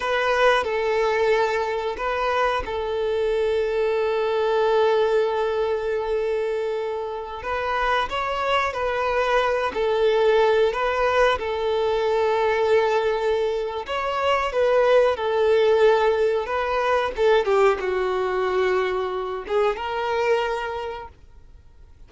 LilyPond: \new Staff \with { instrumentName = "violin" } { \time 4/4 \tempo 4 = 91 b'4 a'2 b'4 | a'1~ | a'2.~ a'16 b'8.~ | b'16 cis''4 b'4. a'4~ a'16~ |
a'16 b'4 a'2~ a'8.~ | a'4 cis''4 b'4 a'4~ | a'4 b'4 a'8 g'8 fis'4~ | fis'4. gis'8 ais'2 | }